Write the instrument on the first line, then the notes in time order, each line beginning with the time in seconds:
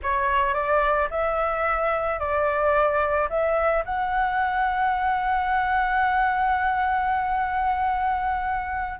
flute
0.02 C#5
0.54 D5
1.10 E5
2.19 D5
3.29 E5
3.85 F#5